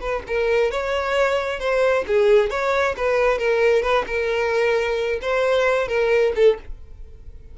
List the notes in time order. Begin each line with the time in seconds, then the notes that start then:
0.00 B4
0.27 A#4
0.71 C#5
1.59 C5
2.07 G#4
2.50 C#5
2.97 B4
3.38 A#4
3.82 B4
4.06 A#4
5.21 C5
5.87 A#4
6.35 A4